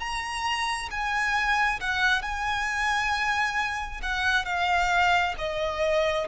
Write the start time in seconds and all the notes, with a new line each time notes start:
0.00 A#5
0.91 G#5
1.81 F#5
2.22 G#5
4.03 F#5
4.46 F5
5.39 D#5